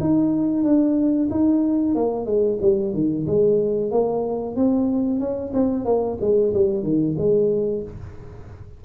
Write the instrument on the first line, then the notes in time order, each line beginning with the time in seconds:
tuba
0.00 D#4
0.63 D4
1.30 D#4
1.94 A#3
2.25 G#3
2.61 G3
2.93 D#3
3.26 G#3
3.91 A#3
4.56 C4
5.19 C#4
5.53 C4
5.85 A#3
6.20 G#3
6.53 G3
6.83 D#3
7.18 G#3